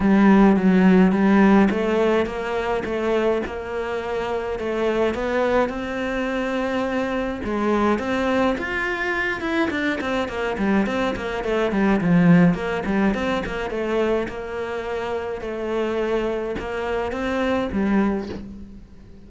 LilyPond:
\new Staff \with { instrumentName = "cello" } { \time 4/4 \tempo 4 = 105 g4 fis4 g4 a4 | ais4 a4 ais2 | a4 b4 c'2~ | c'4 gis4 c'4 f'4~ |
f'8 e'8 d'8 c'8 ais8 g8 c'8 ais8 | a8 g8 f4 ais8 g8 c'8 ais8 | a4 ais2 a4~ | a4 ais4 c'4 g4 | }